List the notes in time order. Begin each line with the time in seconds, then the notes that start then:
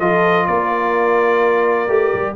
0.00 F3 F4 A4 D#5
0.47 A#3 A#4 D5
1.88 A3 G4
2.14 G3